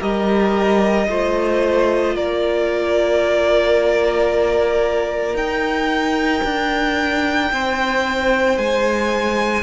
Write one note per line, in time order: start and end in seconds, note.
0.00 1.09 G3
0.00 1.07 G4
0.00 1.07 A#4
0.00 2.16 D#5
1.09 2.16 A3
1.09 5.36 F4
1.09 2.16 C5
2.16 5.34 A#3
2.16 7.52 A#4
2.16 5.37 D5
5.34 6.42 D#4
5.34 9.63 D#4
5.34 8.58 G5
6.44 7.51 D4
7.52 8.58 C4
7.52 9.63 C5
8.58 9.63 G#3
8.58 9.63 G#5